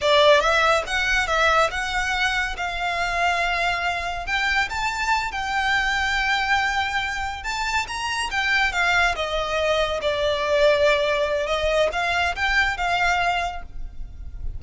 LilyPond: \new Staff \with { instrumentName = "violin" } { \time 4/4 \tempo 4 = 141 d''4 e''4 fis''4 e''4 | fis''2 f''2~ | f''2 g''4 a''4~ | a''8 g''2.~ g''8~ |
g''4. a''4 ais''4 g''8~ | g''8 f''4 dis''2 d''8~ | d''2. dis''4 | f''4 g''4 f''2 | }